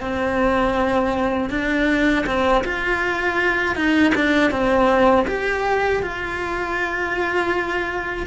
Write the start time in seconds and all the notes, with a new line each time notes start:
0.00 C4
1.50 D4
2.26 C4
2.64 F4
3.76 D#4
4.15 D4
4.51 C4
5.27 G4
6.03 F4